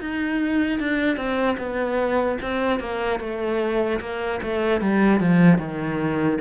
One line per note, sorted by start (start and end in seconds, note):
0.00 0.79 D#4
0.79 1.16 D4
1.16 1.56 C4
1.58 2.38 B3
2.41 2.80 C4
2.80 3.20 A#3
3.20 4.00 A3
4.00 4.40 A#3
4.42 4.81 A3
4.81 5.20 G3
5.20 5.58 F3
5.58 6.38 D#3